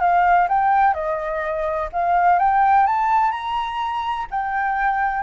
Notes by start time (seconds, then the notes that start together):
0.00 F5
0.48 G5
0.94 D#5
1.93 F5
2.39 G5
2.87 A5
3.31 A#5
4.31 G5